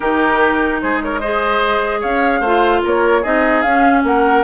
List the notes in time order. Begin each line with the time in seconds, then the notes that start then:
0.00 D#3 D#4 G4 A#4
0.80 G#3 G#4 C5
1.02 A#4 C#5
1.20 G#4 C5 D#5
2.00 C#4 C#5 F5
2.40 A3 F4 C5
2.83 A#3 A#4 C#5
3.22 C4 D#4 G#4 D#5
3.61 C#4 F5
4.03 A#3 A#4 F#5